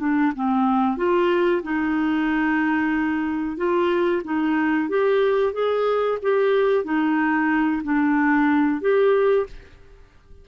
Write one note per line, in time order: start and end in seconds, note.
0.00 0.33 D4
0.36 0.97 C4
0.97 1.62 F4
1.64 3.58 D#4
3.58 4.23 F4
4.25 4.89 D#4
4.89 5.53 G4
5.53 6.19 G#4
6.23 6.85 G4
6.85 7.83 D#4
7.84 8.82 D4
8.82 9.47 G4